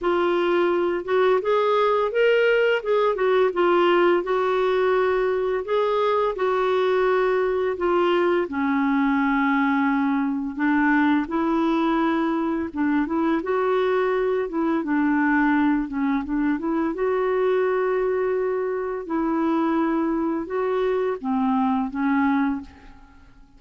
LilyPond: \new Staff \with { instrumentName = "clarinet" } { \time 4/4 \tempo 4 = 85 f'4. fis'8 gis'4 ais'4 | gis'8 fis'8 f'4 fis'2 | gis'4 fis'2 f'4 | cis'2. d'4 |
e'2 d'8 e'8 fis'4~ | fis'8 e'8 d'4. cis'8 d'8 e'8 | fis'2. e'4~ | e'4 fis'4 c'4 cis'4 | }